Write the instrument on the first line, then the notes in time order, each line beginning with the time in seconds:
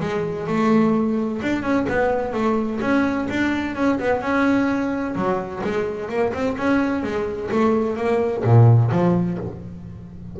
double bass
0.00 G#3
0.47 A3
1.42 D4
1.63 C#4
1.89 B3
2.33 A3
2.81 C#4
3.30 D4
3.75 C#4
3.99 B3
4.21 C#4
5.15 F#3
5.64 G#3
6.09 A#3
6.33 C4
6.57 C#4
7.03 G#3
7.51 A3
7.96 A#3
8.44 A#2
8.91 F3